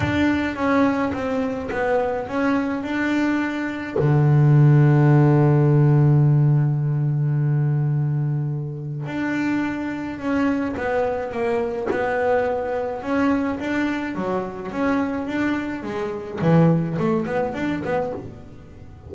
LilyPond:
\new Staff \with { instrumentName = "double bass" } { \time 4/4 \tempo 4 = 106 d'4 cis'4 c'4 b4 | cis'4 d'2 d4~ | d1~ | d1 |
d'2 cis'4 b4 | ais4 b2 cis'4 | d'4 fis4 cis'4 d'4 | gis4 e4 a8 b8 d'8 b8 | }